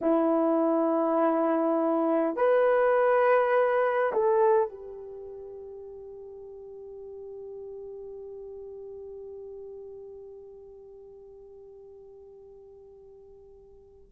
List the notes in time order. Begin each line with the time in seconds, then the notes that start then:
0.01 E4
2.35 B4
4.12 A4
4.69 G4